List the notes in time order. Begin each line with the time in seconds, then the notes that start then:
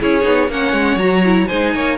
0.00 C#4 E4 G#4 C#5
0.22 B3 D#4
0.47 A#3 C#4 C#5 F#5
0.72 G#3
0.96 F#3 F#4 A#5
1.24 E4
1.47 G#3 D#4 C5 G#5
1.74 A#3 C#5